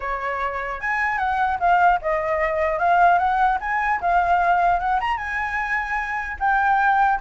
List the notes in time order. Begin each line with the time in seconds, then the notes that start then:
0.00 C#5
0.80 G#5
1.17 F#5
1.59 F5
2.01 D#5
2.79 F5
3.18 F#5
3.60 G#5
4.01 F5
4.79 F#5
5.00 A#5
5.17 G#5
6.39 G5